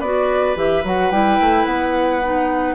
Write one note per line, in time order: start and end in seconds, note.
0.00 0.56 B3
0.00 0.56 F#4
0.00 2.75 B4
0.00 0.56 D5
0.56 0.84 E3
0.56 0.84 G4
0.56 0.85 E5
0.84 1.11 F#3
0.84 1.12 F#4
0.84 1.12 F#5
1.11 1.39 G3
1.11 2.22 E4
1.11 1.66 G5
1.41 1.65 A3
1.65 2.75 B3
1.65 2.75 F#5
2.23 2.75 D#4